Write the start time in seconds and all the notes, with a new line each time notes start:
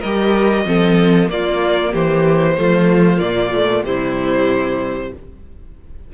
0.00 G3 G4 A#4 D#5
0.65 F3 C4 A4
1.28 A#3 F4 D5
1.92 E3 G4 C5
2.57 F3 A3 F4
3.18 A#2 A#3 D5
3.53 A3
3.83 C3 G3 E4 C5